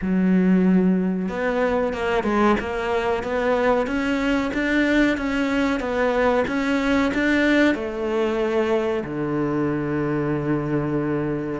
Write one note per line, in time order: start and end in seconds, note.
0.01 1.28 F#3
1.28 1.93 B3
1.93 2.23 A#3
2.23 2.55 G#3
2.60 3.23 A#3
3.23 3.87 B3
3.87 4.51 C#4
4.53 5.17 D4
5.17 5.79 C#4
5.79 6.44 B3
6.47 7.12 C#4
7.13 7.74 D4
7.74 9.03 A3
9.04 11.60 D3